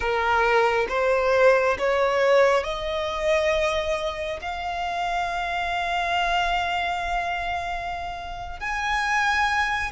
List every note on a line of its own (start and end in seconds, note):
0.00 0.86 A#4
0.88 1.76 C5
1.78 2.63 C#5
2.63 4.40 D#5
4.41 8.59 F5
8.59 9.91 G#5